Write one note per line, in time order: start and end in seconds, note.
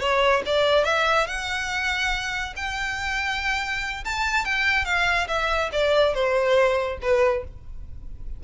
0.00 0.42 C#5
0.46 0.84 D5
0.84 1.26 E5
1.27 2.53 F#5
2.56 4.04 G5
4.04 4.45 A5
4.45 4.85 G5
4.85 5.27 F5
5.28 5.70 E5
5.72 6.14 D5
6.14 6.98 C5
7.01 7.44 B4